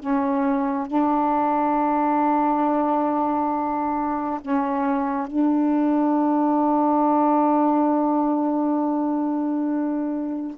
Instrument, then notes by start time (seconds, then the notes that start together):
saxophone
0.00 C#4
0.88 D4
4.41 C#4
5.27 D4